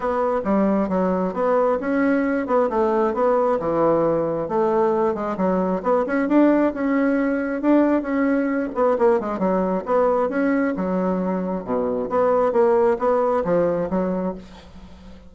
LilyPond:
\new Staff \with { instrumentName = "bassoon" } { \time 4/4 \tempo 4 = 134 b4 g4 fis4 b4 | cis'4. b8 a4 b4 | e2 a4. gis8 | fis4 b8 cis'8 d'4 cis'4~ |
cis'4 d'4 cis'4. b8 | ais8 gis8 fis4 b4 cis'4 | fis2 b,4 b4 | ais4 b4 f4 fis4 | }